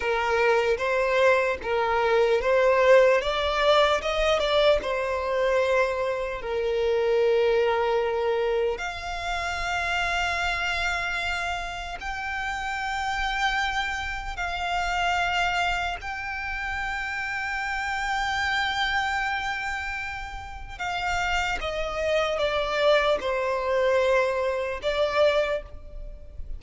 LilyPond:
\new Staff \with { instrumentName = "violin" } { \time 4/4 \tempo 4 = 75 ais'4 c''4 ais'4 c''4 | d''4 dis''8 d''8 c''2 | ais'2. f''4~ | f''2. g''4~ |
g''2 f''2 | g''1~ | g''2 f''4 dis''4 | d''4 c''2 d''4 | }